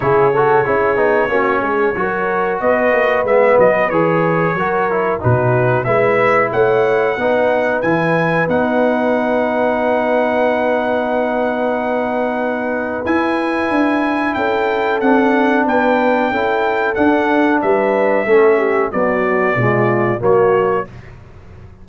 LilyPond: <<
  \new Staff \with { instrumentName = "trumpet" } { \time 4/4 \tempo 4 = 92 cis''1 | dis''4 e''8 dis''8 cis''2 | b'4 e''4 fis''2 | gis''4 fis''2.~ |
fis''1 | gis''2 g''4 fis''4 | g''2 fis''4 e''4~ | e''4 d''2 cis''4 | }
  \new Staff \with { instrumentName = "horn" } { \time 4/4 gis'8 a'8 gis'4 fis'8 gis'8 ais'4 | b'2. ais'4 | fis'4 b'4 cis''4 b'4~ | b'1~ |
b'1~ | b'2 a'2 | b'4 a'2 b'4 | a'8 g'8 fis'4 f'4 fis'4 | }
  \new Staff \with { instrumentName = "trombone" } { \time 4/4 e'8 fis'8 e'8 dis'8 cis'4 fis'4~ | fis'4 b4 gis'4 fis'8 e'8 | dis'4 e'2 dis'4 | e'4 dis'2.~ |
dis'1 | e'2. d'4~ | d'4 e'4 d'2 | cis'4 fis4 gis4 ais4 | }
  \new Staff \with { instrumentName = "tuba" } { \time 4/4 cis4 cis'8 b8 ais8 gis8 fis4 | b8 ais8 gis8 fis8 e4 fis4 | b,4 gis4 a4 b4 | e4 b2.~ |
b1 | e'4 d'4 cis'4 c'4 | b4 cis'4 d'4 g4 | a4 b4 b,4 fis4 | }
>>